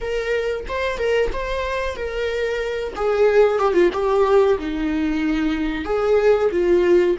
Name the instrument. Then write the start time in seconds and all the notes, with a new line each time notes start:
viola
0.00 A#4
0.68 C5
0.98 A#4
1.32 C5
1.96 A#4
2.95 G#4
3.58 G4
3.73 F4
3.92 G4
4.58 D#4
5.84 G#4
6.51 F4